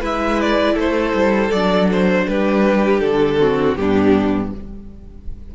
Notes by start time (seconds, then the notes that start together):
0.00 G#3 E4 B4 E5
0.41 D5
0.74 A3 A4 C5
1.13 G3
1.51 F#3 D4 D5
1.92 C5
2.28 G3 G4 B4
3.00 D3 A4
3.39 C4 F#4
3.75 G2 B3 D4 G4